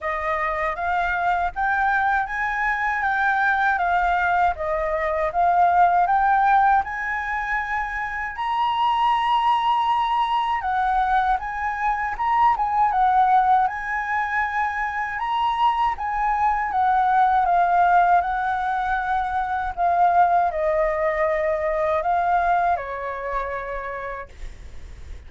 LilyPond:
\new Staff \with { instrumentName = "flute" } { \time 4/4 \tempo 4 = 79 dis''4 f''4 g''4 gis''4 | g''4 f''4 dis''4 f''4 | g''4 gis''2 ais''4~ | ais''2 fis''4 gis''4 |
ais''8 gis''8 fis''4 gis''2 | ais''4 gis''4 fis''4 f''4 | fis''2 f''4 dis''4~ | dis''4 f''4 cis''2 | }